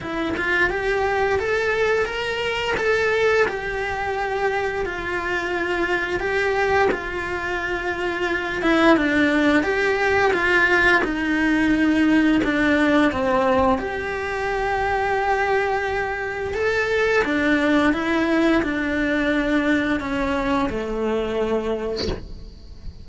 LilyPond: \new Staff \with { instrumentName = "cello" } { \time 4/4 \tempo 4 = 87 e'8 f'8 g'4 a'4 ais'4 | a'4 g'2 f'4~ | f'4 g'4 f'2~ | f'8 e'8 d'4 g'4 f'4 |
dis'2 d'4 c'4 | g'1 | a'4 d'4 e'4 d'4~ | d'4 cis'4 a2 | }